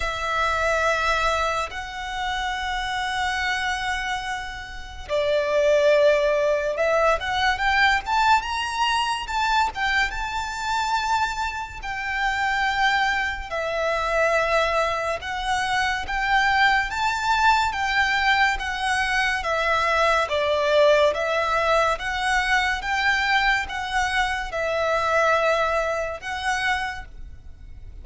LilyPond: \new Staff \with { instrumentName = "violin" } { \time 4/4 \tempo 4 = 71 e''2 fis''2~ | fis''2 d''2 | e''8 fis''8 g''8 a''8 ais''4 a''8 g''8 | a''2 g''2 |
e''2 fis''4 g''4 | a''4 g''4 fis''4 e''4 | d''4 e''4 fis''4 g''4 | fis''4 e''2 fis''4 | }